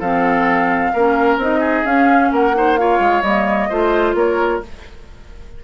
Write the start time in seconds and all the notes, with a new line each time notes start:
0.00 F3 C4 A4 F5
0.94 A#3 C#4 A#4
1.37 C4 D#4 D#5
1.60 G#4
1.85 C#4 F5
2.32 A#3 A#4 F#5
2.54 D#4 C5
2.77 F4 C#5 F5
3.00 G#3
3.22 G3 A#3 D#5
3.69 A3 F4 C5
4.15 A#3 A#4 C#5